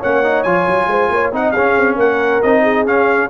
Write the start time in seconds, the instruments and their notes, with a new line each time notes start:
0.00 tuba A#3, trombone C#4, horn C#5, trumpet F#5
0.24 trombone D#4
0.43 tuba F3, trombone F4, trumpet G#5
0.68 tuba F#3
0.87 tuba G#3, horn C5
1.10 tuba A#3, horn C#5
1.32 tuba C4, trombone D#4, horn D#5, trumpet F#5
1.51 tuba C#4, trombone C#4, horn G#4, trumpet F5
1.77 tuba C4
1.96 tuba A#3, horn A#4, trumpet F#5
2.42 tuba C4, trombone D#4, trumpet D#5
2.63 horn G#4
2.86 tuba C#4, trombone C#4, trumpet F5